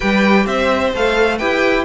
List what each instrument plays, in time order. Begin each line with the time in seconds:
0.00 cello G3, viola G4, violin B4 G5
0.46 cello C4, violin C5 E5
0.94 cello A3, viola A4, violin F5
1.38 cello E4, viola G4, violin B4 G5